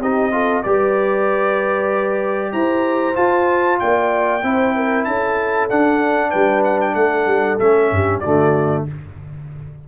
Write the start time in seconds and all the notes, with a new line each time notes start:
0.00 C4 D#4 G4 D#5
0.31 F4 A4
0.62 G3 G4 B4 D5
2.52 E4 C5 A#5
3.14 F4 A5
3.79 A#3 D5 G5
4.43 C4 E4 C5
4.75 A#4
5.04 C#4 A4 A5
5.69 D4 F#5
6.29 G3 B4 G5
6.64 F#5
6.81 G5
6.94 A3 A4 F#5
7.26 G3
7.59 A3 C#4 E5
7.91 G2 G4
8.20 D3 A3 F#4 D5